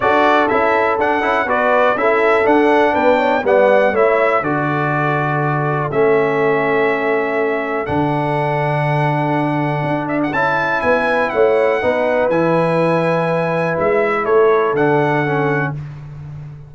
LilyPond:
<<
  \new Staff \with { instrumentName = "trumpet" } { \time 4/4 \tempo 4 = 122 d''4 e''4 fis''4 d''4 | e''4 fis''4 g''4 fis''4 | e''4 d''2. | e''1 |
fis''1~ | fis''8 e''16 fis''16 a''4 gis''4 fis''4~ | fis''4 gis''2. | e''4 cis''4 fis''2 | }
  \new Staff \with { instrumentName = "horn" } { \time 4/4 a'2. b'4 | a'2 b'8 cis''8 d''4 | cis''4 a'2.~ | a'1~ |
a'1~ | a'2 b'4 cis''4 | b'1~ | b'4 a'2. | }
  \new Staff \with { instrumentName = "trombone" } { \time 4/4 fis'4 e'4 d'8 e'8 fis'4 | e'4 d'2 b4 | e'4 fis'2. | cis'1 |
d'1~ | d'4 e'2. | dis'4 e'2.~ | e'2 d'4 cis'4 | }
  \new Staff \with { instrumentName = "tuba" } { \time 4/4 d'4 cis'4 d'8 cis'8 b4 | cis'4 d'4 b4 g4 | a4 d2. | a1 |
d1 | d'4 cis'4 b4 a4 | b4 e2. | gis4 a4 d2 | }
>>